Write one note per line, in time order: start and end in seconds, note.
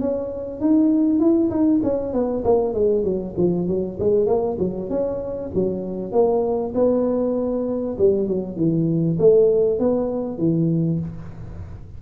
0.00 0.60 C#4
0.60 1.19 D#4
1.19 1.50 E4
1.50 1.81 D#4
1.83 2.13 C#4
2.13 2.44 B3
2.44 2.74 A#3
2.74 3.04 G#3
3.04 3.35 F#3
3.37 3.68 F3
3.68 3.98 F#3
4.00 4.26 G#3
4.26 4.57 A#3
4.59 4.90 F#3
4.90 5.51 C#4
5.54 6.12 F#3
6.12 6.73 A#3
6.74 7.97 B3
7.98 8.27 G3
8.27 8.57 F#3
8.57 9.18 E3
9.19 9.79 A3
9.79 10.38 B3
10.38 10.99 E3